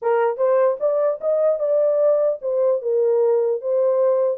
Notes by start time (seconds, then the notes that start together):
0.01 A#4
0.37 C5
0.80 D5
1.20 D#5
1.59 D5
2.41 C5
2.81 A#4
3.61 C5